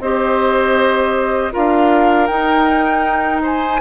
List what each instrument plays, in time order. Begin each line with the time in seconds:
0.00 bassoon C4, clarinet G4, oboe C5, flute D#5
1.51 bassoon D4, clarinet F4, oboe A#4, flute F5
2.26 bassoon D#4, clarinet D#4, flute G5
3.42 oboe C5, flute G#5